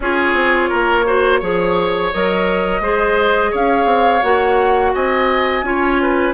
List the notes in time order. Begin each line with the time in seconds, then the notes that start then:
0.00 C#4 F4 G#4 C#5
0.33 C4
0.69 A#3 A#4
1.05 F#4 C5
1.40 F3 G#4 C#5
2.13 F#3 A#4 D#5
2.80 G#3 G#4 C5
3.50 C#4 C#5 F5
3.85 C4
4.22 A#3 F#4 F#5
4.94 C4 D#5 G#5
5.62 C#4 F4 C#5
6.02 B4